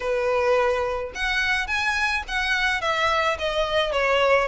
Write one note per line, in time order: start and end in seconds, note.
0.00 1.12 B4
1.14 1.67 F#5
1.67 2.23 G#5
2.28 2.81 F#5
2.81 3.37 E5
3.38 3.92 D#5
3.92 4.48 C#5